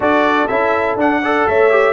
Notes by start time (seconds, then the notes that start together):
0.00 D4 F#4 A4 D5
0.47 C#4 E4 E5
0.95 D4 F#5
1.21 A4 D5
1.47 A3 C#5 E5
1.70 G4